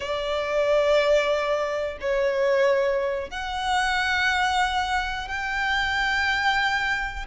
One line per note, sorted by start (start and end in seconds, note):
0.00 1.98 D5
2.00 3.30 C#5
3.30 5.27 F#5
5.28 7.26 G5